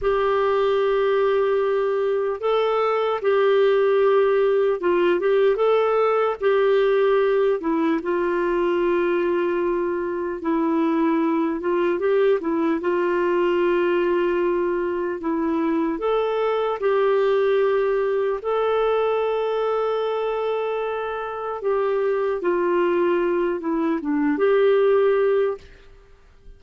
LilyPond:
\new Staff \with { instrumentName = "clarinet" } { \time 4/4 \tempo 4 = 75 g'2. a'4 | g'2 f'8 g'8 a'4 | g'4. e'8 f'2~ | f'4 e'4. f'8 g'8 e'8 |
f'2. e'4 | a'4 g'2 a'4~ | a'2. g'4 | f'4. e'8 d'8 g'4. | }